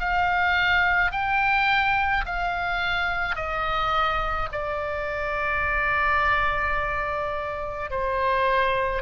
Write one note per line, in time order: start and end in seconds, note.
0.00 1.12 F5
1.12 2.25 G5
2.26 3.36 F5
3.36 4.49 D#5
4.52 7.91 D5
7.91 9.03 C5